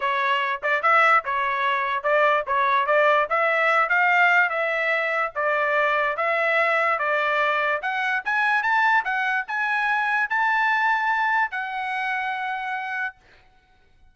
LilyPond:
\new Staff \with { instrumentName = "trumpet" } { \time 4/4 \tempo 4 = 146 cis''4. d''8 e''4 cis''4~ | cis''4 d''4 cis''4 d''4 | e''4. f''4. e''4~ | e''4 d''2 e''4~ |
e''4 d''2 fis''4 | gis''4 a''4 fis''4 gis''4~ | gis''4 a''2. | fis''1 | }